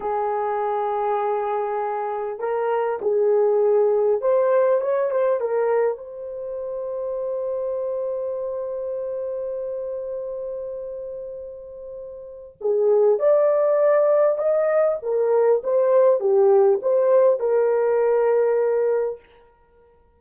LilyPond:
\new Staff \with { instrumentName = "horn" } { \time 4/4 \tempo 4 = 100 gis'1 | ais'4 gis'2 c''4 | cis''8 c''8 ais'4 c''2~ | c''1~ |
c''1~ | c''4 gis'4 d''2 | dis''4 ais'4 c''4 g'4 | c''4 ais'2. | }